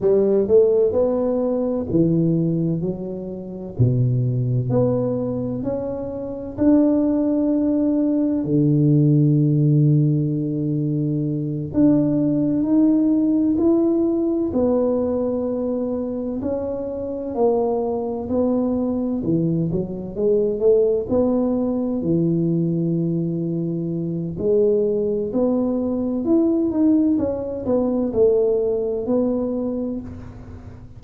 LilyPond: \new Staff \with { instrumentName = "tuba" } { \time 4/4 \tempo 4 = 64 g8 a8 b4 e4 fis4 | b,4 b4 cis'4 d'4~ | d'4 d2.~ | d8 d'4 dis'4 e'4 b8~ |
b4. cis'4 ais4 b8~ | b8 e8 fis8 gis8 a8 b4 e8~ | e2 gis4 b4 | e'8 dis'8 cis'8 b8 a4 b4 | }